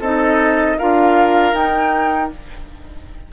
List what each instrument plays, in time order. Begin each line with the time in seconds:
0.00 bassoon C4, clarinet D#4, oboe A4, flute D#5
0.79 bassoon D4, clarinet F4, oboe A#4, flute F5
1.53 bassoon D#4, clarinet D#4, flute G5